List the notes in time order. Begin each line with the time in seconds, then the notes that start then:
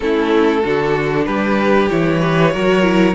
0.00 A3 C#4 E4 A4
0.62 D3 D4 F#4
1.25 G3 G4 B4
1.89 E3 E4 C#5
2.20 G4 B4
2.52 F#3 F#4 A#4
2.82 E4